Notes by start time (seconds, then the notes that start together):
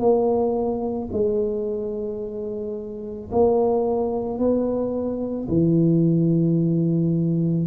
0.00 A#3
1.13 G#3
3.32 A#3
4.39 B3
5.49 E3